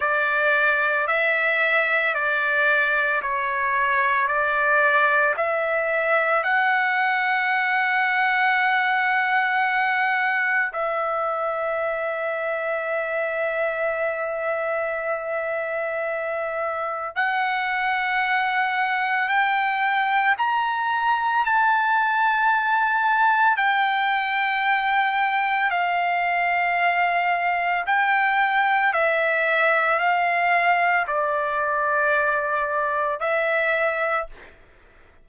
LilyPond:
\new Staff \with { instrumentName = "trumpet" } { \time 4/4 \tempo 4 = 56 d''4 e''4 d''4 cis''4 | d''4 e''4 fis''2~ | fis''2 e''2~ | e''1 |
fis''2 g''4 ais''4 | a''2 g''2 | f''2 g''4 e''4 | f''4 d''2 e''4 | }